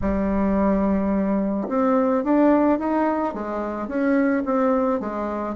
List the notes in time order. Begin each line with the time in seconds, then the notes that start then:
0.01 G3
1.68 C4
2.23 D4
2.79 D#4
3.33 G#3
3.87 C#4
4.45 C4
5.00 G#3